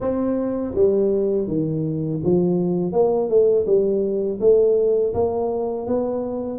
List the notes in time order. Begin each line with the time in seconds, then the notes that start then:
0.00 C4
0.75 G3
1.47 D#3
2.23 F3
2.92 A#3
3.29 A3
3.66 G3
4.40 A3
5.14 A#3
5.87 B3